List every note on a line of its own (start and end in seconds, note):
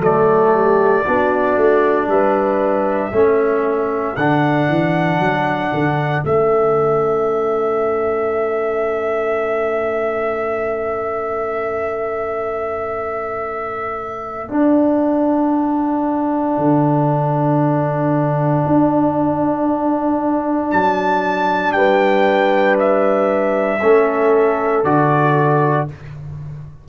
0.00 1.03 F#3
0.00 1.05 A3
0.00 0.52 A4
0.00 2.09 D5
0.54 1.06 G4
1.06 1.57 B3
1.06 3.12 D4
1.06 2.09 F#4
1.57 2.08 A3
2.08 3.11 G3
2.08 3.13 B4
2.08 4.16 E5
3.13 4.16 A3
3.13 4.17 C#4
3.13 21.75 A4
4.17 4.69 D3
4.17 6.26 D4
4.17 6.23 F#5
4.69 5.20 E3
5.20 5.72 F#3
5.73 6.25 D3
6.25 14.52 A3
6.25 14.49 C#4
6.25 14.51 E5
14.49 23.80 D4
14.49 16.58 D4
14.49 20.71 F#5
16.58 18.65 D3
18.66 20.73 D4
20.71 21.73 F#3
20.71 21.73 A5
21.73 23.80 G3
21.73 23.82 B4
21.73 22.77 G5
22.80 24.85 E5
23.82 24.84 A3
23.82 24.85 C#4
23.82 25.89 A4
24.84 25.87 D3
24.84 25.89 F#4
24.84 25.88 D5